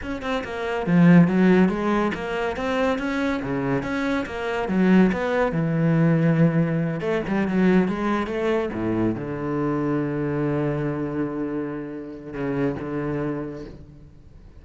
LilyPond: \new Staff \with { instrumentName = "cello" } { \time 4/4 \tempo 4 = 141 cis'8 c'8 ais4 f4 fis4 | gis4 ais4 c'4 cis'4 | cis4 cis'4 ais4 fis4 | b4 e2.~ |
e8 a8 g8 fis4 gis4 a8~ | a8 a,4 d2~ d8~ | d1~ | d4 cis4 d2 | }